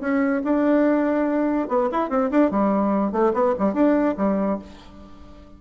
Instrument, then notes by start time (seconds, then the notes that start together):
bassoon
0.00 C#4
0.44 D4
1.68 B3
1.91 E4
2.09 C4
2.30 D4
2.51 G3
3.12 A3
3.33 B3
3.58 G3
3.73 D4
4.17 G3